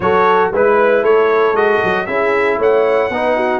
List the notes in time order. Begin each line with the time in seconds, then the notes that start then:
0.00 F#3 F#4 A4 C#5
0.52 G#3 E4 B4
1.02 A3 A4 C#5
1.52 G#3 F#4 D#5
1.83 F#3
2.06 C#4 E4 G#4 E5
2.58 A3 C#5 F#5
3.09 B3 D#4 B4
3.36 F#4